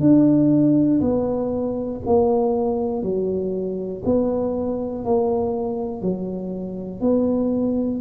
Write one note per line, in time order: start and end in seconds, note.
0.00 1.00 D4
1.00 2.00 B3
2.05 3.03 A#3
3.03 4.03 F#3
4.05 5.04 B3
5.04 6.02 A#3
6.02 7.00 F#3
7.00 8.00 B3